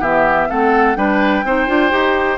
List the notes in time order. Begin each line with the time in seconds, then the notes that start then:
0.00 E3 B3 G4 E5
0.49 A3 C4 A4 F#5
0.95 G3 D4 B4 G5
1.43 C4 D#4 C5
1.67 D4 F4
1.90 D#4 G4